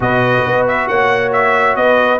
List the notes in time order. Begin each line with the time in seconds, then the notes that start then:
0.00 B2 F#4 B4 D#5
0.45 B3
0.67 E5
0.87 A#3 C#5 F#5
1.32 E5
1.75 B3 B4 D#5